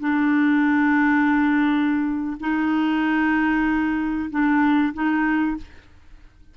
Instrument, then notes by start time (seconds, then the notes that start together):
clarinet
0.00 D4
2.40 D#4
4.30 D4
4.94 D#4